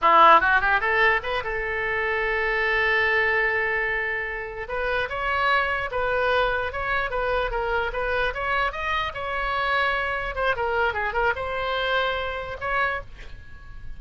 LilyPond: \new Staff \with { instrumentName = "oboe" } { \time 4/4 \tempo 4 = 148 e'4 fis'8 g'8 a'4 b'8 a'8~ | a'1~ | a'2.~ a'8 b'8~ | b'8 cis''2 b'4.~ |
b'8 cis''4 b'4 ais'4 b'8~ | b'8 cis''4 dis''4 cis''4.~ | cis''4. c''8 ais'4 gis'8 ais'8 | c''2. cis''4 | }